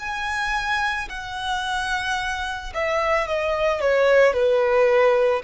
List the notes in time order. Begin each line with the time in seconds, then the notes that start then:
0.00 G#5
1.10 F#5
2.75 E5
3.28 D#5
3.81 C#5
4.34 B4